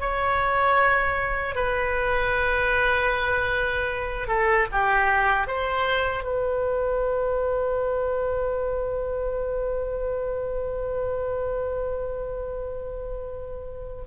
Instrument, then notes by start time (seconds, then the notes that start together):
oboe
0.00 C#5
1.55 B4
4.28 A4
4.72 G4
5.47 C5
6.23 B4